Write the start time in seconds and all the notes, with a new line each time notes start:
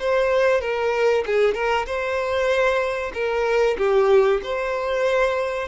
0.00 C5
0.61 A#4
1.26 G#4
1.54 A#4
1.86 C5
3.14 A#4
3.78 G4
4.43 C5